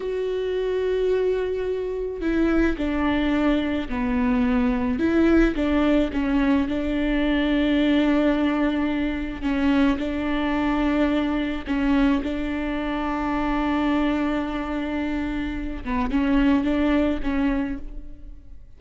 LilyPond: \new Staff \with { instrumentName = "viola" } { \time 4/4 \tempo 4 = 108 fis'1 | e'4 d'2 b4~ | b4 e'4 d'4 cis'4 | d'1~ |
d'4 cis'4 d'2~ | d'4 cis'4 d'2~ | d'1~ | d'8 b8 cis'4 d'4 cis'4 | }